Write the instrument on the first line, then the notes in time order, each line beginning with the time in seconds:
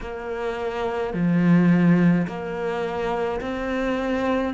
cello
0.01 A#3
1.13 F3
2.26 A#3
3.41 C4